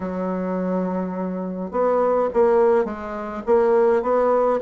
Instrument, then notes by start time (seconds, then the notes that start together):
bassoon
0.00 F#3
1.71 B3
2.33 A#3
2.85 G#3
3.45 A#3
4.02 B3